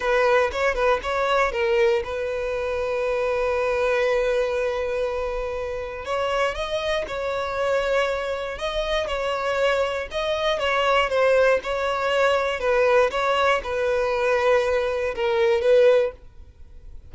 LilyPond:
\new Staff \with { instrumentName = "violin" } { \time 4/4 \tempo 4 = 119 b'4 cis''8 b'8 cis''4 ais'4 | b'1~ | b'1 | cis''4 dis''4 cis''2~ |
cis''4 dis''4 cis''2 | dis''4 cis''4 c''4 cis''4~ | cis''4 b'4 cis''4 b'4~ | b'2 ais'4 b'4 | }